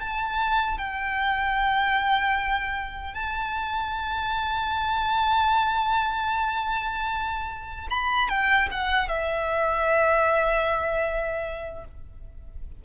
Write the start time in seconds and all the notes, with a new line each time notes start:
0.00 A5
0.78 G5
3.14 A5
7.90 B5
8.29 G5
8.71 F#5
9.08 E5